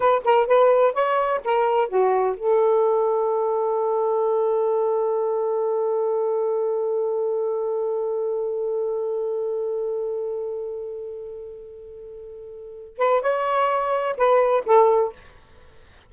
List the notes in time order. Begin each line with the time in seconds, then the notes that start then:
0.00 B4
0.24 A#4
0.47 B4
0.93 C#5
1.44 A#4
1.88 F#4
2.36 A4
12.97 B4
13.21 C#5
14.17 B4
14.65 A4